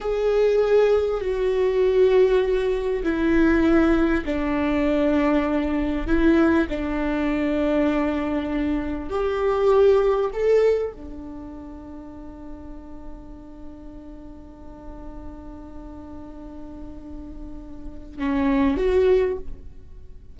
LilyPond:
\new Staff \with { instrumentName = "viola" } { \time 4/4 \tempo 4 = 99 gis'2 fis'2~ | fis'4 e'2 d'4~ | d'2 e'4 d'4~ | d'2. g'4~ |
g'4 a'4 d'2~ | d'1~ | d'1~ | d'2 cis'4 fis'4 | }